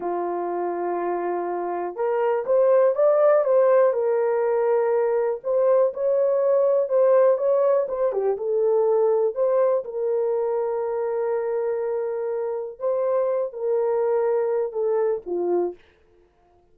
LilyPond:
\new Staff \with { instrumentName = "horn" } { \time 4/4 \tempo 4 = 122 f'1 | ais'4 c''4 d''4 c''4 | ais'2. c''4 | cis''2 c''4 cis''4 |
c''8 g'8 a'2 c''4 | ais'1~ | ais'2 c''4. ais'8~ | ais'2 a'4 f'4 | }